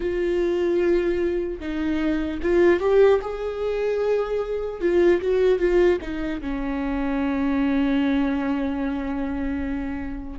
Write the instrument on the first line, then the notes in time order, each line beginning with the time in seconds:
viola
0.00 F4
1.60 D#4
2.42 F4
2.80 G4
3.21 G#4
4.80 F4
5.21 F#4
5.58 F4
6.01 D#4
6.41 C#4